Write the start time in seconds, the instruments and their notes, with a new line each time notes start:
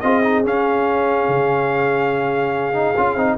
0.00 tuba C4, trombone F4, horn G#4, trumpet D#5
0.23 trombone D#4
0.44 trombone C#4, tuba C#4, trumpet F5
1.28 tuba C#3
2.73 trombone D#4
2.97 tuba C#4, trombone F4
3.15 tuba C4, trombone D#4